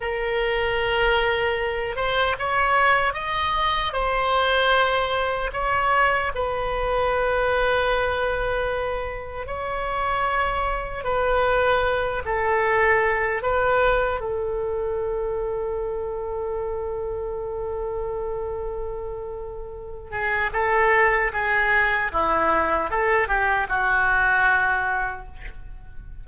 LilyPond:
\new Staff \with { instrumentName = "oboe" } { \time 4/4 \tempo 4 = 76 ais'2~ ais'8 c''8 cis''4 | dis''4 c''2 cis''4 | b'1 | cis''2 b'4. a'8~ |
a'4 b'4 a'2~ | a'1~ | a'4. gis'8 a'4 gis'4 | e'4 a'8 g'8 fis'2 | }